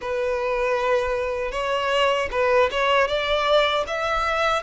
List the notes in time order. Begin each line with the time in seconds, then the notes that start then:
0.01 B4
1.51 C#5
2.31 B4
2.71 C#5
3.07 D5
3.87 E5